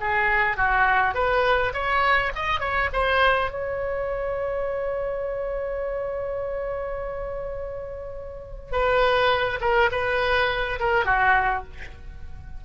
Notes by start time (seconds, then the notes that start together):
0.00 G#4
0.57 F#4
1.14 B4
1.73 C#5
2.35 D#5
2.60 C#5
2.92 C5
3.51 C#5
8.72 B4
9.61 A#4
9.91 B4
10.80 A#4
11.05 F#4